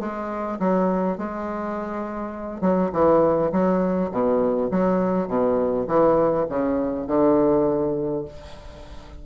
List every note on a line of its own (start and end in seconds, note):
0.00 0.59 G#3
0.60 1.18 F#3
1.18 2.61 G#3
2.61 2.90 F#3
2.93 3.52 E3
3.52 4.11 F#3
4.11 4.70 B2
4.71 5.28 F#3
5.28 5.87 B2
5.87 6.46 E3
6.49 7.07 C#3
7.07 8.25 D3